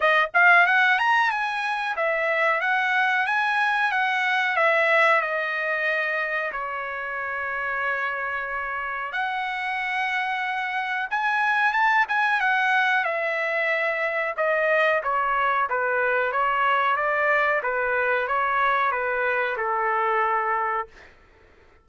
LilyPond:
\new Staff \with { instrumentName = "trumpet" } { \time 4/4 \tempo 4 = 92 dis''8 f''8 fis''8 ais''8 gis''4 e''4 | fis''4 gis''4 fis''4 e''4 | dis''2 cis''2~ | cis''2 fis''2~ |
fis''4 gis''4 a''8 gis''8 fis''4 | e''2 dis''4 cis''4 | b'4 cis''4 d''4 b'4 | cis''4 b'4 a'2 | }